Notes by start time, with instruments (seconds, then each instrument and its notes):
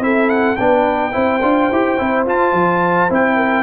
0.00 tuba C4, trombone E4, horn A4, trumpet E5
0.29 trumpet F#5
0.56 tuba B3, trombone D4, horn B4, trumpet G5
1.12 tuba C4, trombone E4, horn C5
1.42 tuba D4, trombone F4
1.71 tuba E4, trombone G4
1.98 tuba C4, trombone E4
2.26 tuba F4, trombone F4, trumpet A5
2.52 tuba F3
3.09 tuba C4, trombone E4, trumpet G5
3.36 horn A#4